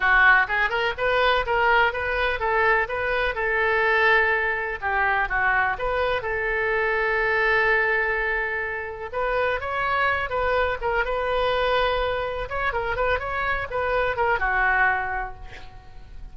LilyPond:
\new Staff \with { instrumentName = "oboe" } { \time 4/4 \tempo 4 = 125 fis'4 gis'8 ais'8 b'4 ais'4 | b'4 a'4 b'4 a'4~ | a'2 g'4 fis'4 | b'4 a'2.~ |
a'2. b'4 | cis''4. b'4 ais'8 b'4~ | b'2 cis''8 ais'8 b'8 cis''8~ | cis''8 b'4 ais'8 fis'2 | }